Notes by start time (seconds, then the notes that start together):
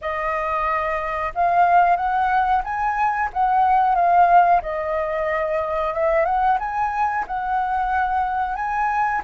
0.01 D#5
1.34 F5
1.96 F#5
2.64 G#5
3.33 F#5
3.95 F5
4.62 D#5
5.93 E5
6.25 F#5
6.59 G#5
7.27 F#5
8.55 G#5